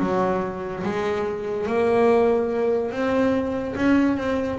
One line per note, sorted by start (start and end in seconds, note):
0.00 0.83 F#3
0.84 1.67 G#3
1.67 2.92 A#3
2.92 3.75 C4
3.76 4.17 C#4
4.17 4.59 C4